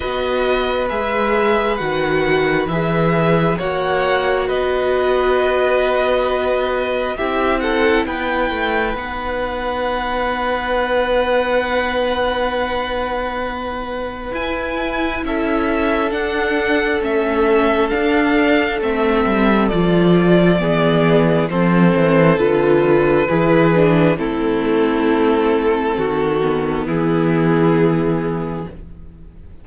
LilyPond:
<<
  \new Staff \with { instrumentName = "violin" } { \time 4/4 \tempo 4 = 67 dis''4 e''4 fis''4 e''4 | fis''4 dis''2. | e''8 fis''8 g''4 fis''2~ | fis''1 |
gis''4 e''4 fis''4 e''4 | f''4 e''4 d''2 | c''4 b'2 a'4~ | a'2 gis'2 | }
  \new Staff \with { instrumentName = "violin" } { \time 4/4 b'1 | cis''4 b'2. | g'8 a'8 b'2.~ | b'1~ |
b'4 a'2.~ | a'2. gis'4 | a'2 gis'4 e'4~ | e'4 fis'4 e'2 | }
  \new Staff \with { instrumentName = "viola" } { \time 4/4 fis'4 gis'4 fis'4 gis'4 | fis'1 | e'2 dis'2~ | dis'1 |
e'2 d'4 cis'4 | d'4 c'4 f'4 b4 | c'4 f'4 e'8 d'8 c'4~ | c'4. b2~ b8 | }
  \new Staff \with { instrumentName = "cello" } { \time 4/4 b4 gis4 dis4 e4 | ais4 b2. | c'4 b8 a8 b2~ | b1 |
e'4 cis'4 d'4 a4 | d'4 a8 g8 f4 e4 | f8 e8 d4 e4 a4~ | a4 dis4 e2 | }
>>